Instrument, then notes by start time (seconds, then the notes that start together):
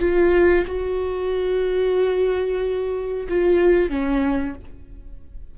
viola
0.00 F4
0.67 F#4
3.29 F4
3.90 C#4